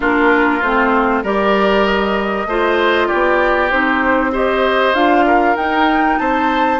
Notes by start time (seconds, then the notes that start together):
0.00 A#3 D4 F4 A#4
0.62 A3 C4 C5
1.23 G3 G4 A#4 D5
1.85 D#5
2.45 A3 F4 C5
3.07 B3 G4 D5
3.70 C4 D#4 C5
4.32 G4 C5 D#5
4.94 D4 F4 F5
5.26 A#4
5.56 D#4 G5
6.18 C4 C5 A5